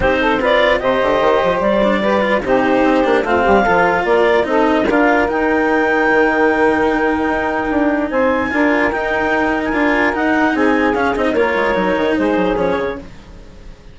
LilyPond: <<
  \new Staff \with { instrumentName = "clarinet" } { \time 4/4 \tempo 4 = 148 c''4 d''4 dis''2 | d''2 c''2 | f''2 d''4 dis''4 | f''4 g''2.~ |
g''1 | gis''2 g''4.~ g''16 gis''16~ | gis''4 fis''4 gis''4 f''8 dis''8 | cis''2 c''4 cis''4 | }
  \new Staff \with { instrumentName = "saxophone" } { \time 4/4 g'8 a'8 b'4 c''2~ | c''4 b'4 g'2 | f'8 g'8 a'4 ais'4 a'4 | ais'1~ |
ais'1 | c''4 ais'2.~ | ais'2 gis'2 | ais'2 gis'2 | }
  \new Staff \with { instrumentName = "cello" } { \time 4/4 dis'4 f'4 g'2~ | g'8 d'8 g'8 f'8 dis'4. d'8 | c'4 f'2 dis'4 | f'4 dis'2.~ |
dis'1~ | dis'4 f'4 dis'2 | f'4 dis'2 cis'8 dis'8 | f'4 dis'2 cis'4 | }
  \new Staff \with { instrumentName = "bassoon" } { \time 4/4 c'2 c8 d8 dis8 f8 | g2 c4 c'8 ais8 | a8 g8 f4 ais4 c'4 | d'4 dis'2 dis4~ |
dis2 dis'4 d'4 | c'4 d'4 dis'2 | d'4 dis'4 c'4 cis'8 c'8 | ais8 gis8 fis8 dis8 gis8 fis8 f8 cis8 | }
>>